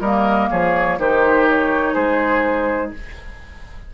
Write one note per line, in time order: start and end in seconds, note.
0.00 0.48 G3
0.00 1.00 A#3
0.00 0.49 A#4
0.00 0.49 D#5
0.50 0.98 F3
0.50 0.98 G#4
0.50 0.99 C#5
0.98 1.95 D#3
0.98 2.94 D#4
0.98 1.93 G4
0.98 1.48 C5
1.49 1.94 C#5
1.93 2.92 G#3
1.93 2.90 G#4
1.93 2.91 C5